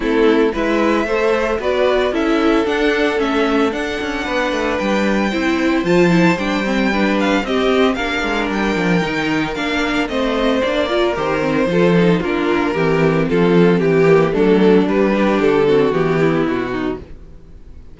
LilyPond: <<
  \new Staff \with { instrumentName = "violin" } { \time 4/4 \tempo 4 = 113 a'4 e''2 d''4 | e''4 fis''4 e''4 fis''4~ | fis''4 g''2 a''4 | g''4. f''8 dis''4 f''4 |
g''2 f''4 dis''4 | d''4 c''2 ais'4~ | ais'4 a'4 g'4 a'4 | b'4 a'4 g'4 fis'4 | }
  \new Staff \with { instrumentName = "violin" } { \time 4/4 e'4 b'4 c''4 b'4 | a'1 | b'2 c''2~ | c''4 b'4 g'4 ais'4~ |
ais'2. c''4~ | c''8 ais'4. a'4 f'4 | g'4 f'4 g'4 d'4~ | d'8 g'4 fis'4 e'4 dis'8 | }
  \new Staff \with { instrumentName = "viola" } { \time 4/4 c'4 e'4 a'4 fis'4 | e'4 d'4 cis'4 d'4~ | d'2 e'4 f'8 e'8 | d'8 c'8 d'4 c'4 d'4~ |
d'4 dis'4 d'4 c'4 | d'8 f'8 g'8 c'8 f'8 dis'8 d'4 | c'2~ c'8 ais8 a4 | g8 d'4 c'8 b2 | }
  \new Staff \with { instrumentName = "cello" } { \time 4/4 a4 gis4 a4 b4 | cis'4 d'4 a4 d'8 cis'8 | b8 a8 g4 c'4 f4 | g2 c'4 ais8 gis8 |
g8 f8 dis4 ais4 a4 | ais4 dis4 f4 ais4 | e4 f4 e4 fis4 | g4 d4 e4 b,4 | }
>>